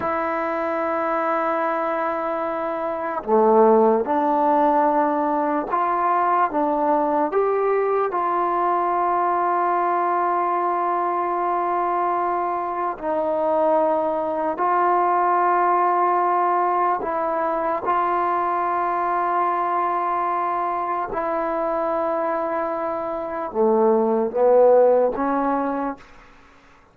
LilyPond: \new Staff \with { instrumentName = "trombone" } { \time 4/4 \tempo 4 = 74 e'1 | a4 d'2 f'4 | d'4 g'4 f'2~ | f'1 |
dis'2 f'2~ | f'4 e'4 f'2~ | f'2 e'2~ | e'4 a4 b4 cis'4 | }